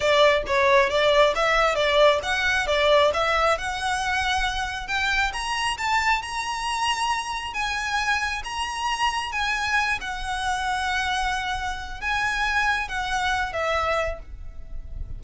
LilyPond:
\new Staff \with { instrumentName = "violin" } { \time 4/4 \tempo 4 = 135 d''4 cis''4 d''4 e''4 | d''4 fis''4 d''4 e''4 | fis''2. g''4 | ais''4 a''4 ais''2~ |
ais''4 gis''2 ais''4~ | ais''4 gis''4. fis''4.~ | fis''2. gis''4~ | gis''4 fis''4. e''4. | }